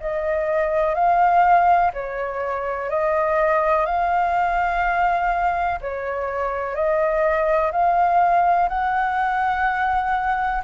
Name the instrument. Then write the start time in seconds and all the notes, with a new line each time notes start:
flute
0.00 D#5
0.95 F5
1.94 C#5
2.90 D#5
3.86 F5
5.81 C#5
6.75 D#5
7.72 F5
8.69 F#5